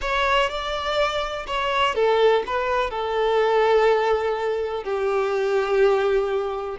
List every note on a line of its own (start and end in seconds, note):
0.01 0.49 C#5
0.49 1.46 D5
1.46 1.94 C#5
1.94 2.43 A4
2.46 2.90 B4
2.90 4.83 A4
4.83 6.77 G4